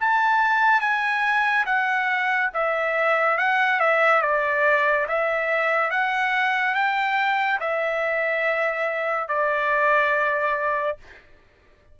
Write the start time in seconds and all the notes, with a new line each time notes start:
0.00 A5
0.80 G#5
1.66 F#5
2.54 E5
3.38 F#5
3.80 E5
4.22 D5
5.08 E5
5.90 F#5
6.75 G5
7.60 E5
9.28 D5